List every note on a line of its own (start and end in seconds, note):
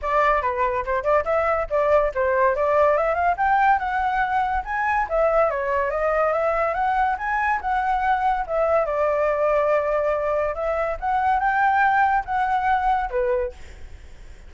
0.02 0.42 D5
0.42 0.84 B4
0.85 1.03 C5
1.03 1.24 D5
1.25 1.67 E5
1.69 2.12 D5
2.14 2.55 C5
2.55 2.97 D5
2.97 3.14 E5
3.14 3.35 F5
3.37 3.78 G5
3.78 4.63 F#5
4.64 5.07 G#5
5.09 5.50 E5
5.50 5.90 C#5
5.90 6.32 D#5
6.32 6.74 E5
6.74 7.16 F#5
7.18 7.60 G#5
7.61 8.45 F#5
8.46 8.85 E5
8.85 10.54 D5
10.54 10.97 E5
11.00 11.39 F#5
11.39 12.24 G5
12.25 13.09 F#5
13.10 13.52 B4